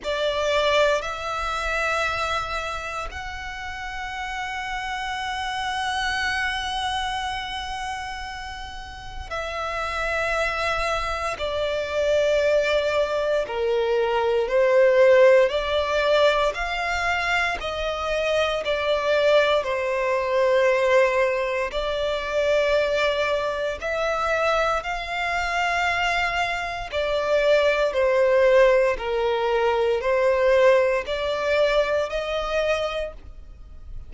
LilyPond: \new Staff \with { instrumentName = "violin" } { \time 4/4 \tempo 4 = 58 d''4 e''2 fis''4~ | fis''1~ | fis''4 e''2 d''4~ | d''4 ais'4 c''4 d''4 |
f''4 dis''4 d''4 c''4~ | c''4 d''2 e''4 | f''2 d''4 c''4 | ais'4 c''4 d''4 dis''4 | }